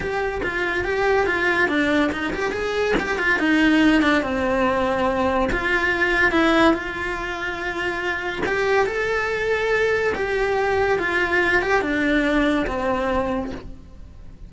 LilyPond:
\new Staff \with { instrumentName = "cello" } { \time 4/4 \tempo 4 = 142 g'4 f'4 g'4 f'4 | d'4 dis'8 g'8 gis'4 g'8 f'8 | dis'4. d'8 c'2~ | c'4 f'2 e'4 |
f'1 | g'4 a'2. | g'2 f'4. g'8 | d'2 c'2 | }